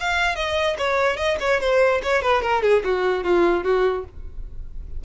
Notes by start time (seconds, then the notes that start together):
0.00 F5
0.35 D#5
0.78 C#5
1.17 D#5
1.40 C#5
1.60 C5
2.03 C#5
2.22 B4
2.42 A#4
2.63 G#4
2.84 F#4
3.23 F4
3.64 F#4